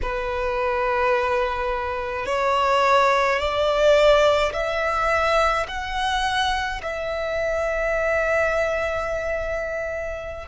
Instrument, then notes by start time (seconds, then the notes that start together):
violin
0.02 B4
2.25 C#5
3.39 D5
4.53 E5
5.68 F#5
6.82 E5